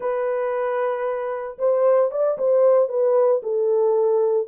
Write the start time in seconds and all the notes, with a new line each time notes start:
0.00 B4
1.58 C5
2.11 D5
2.38 C5
2.89 B4
3.43 A4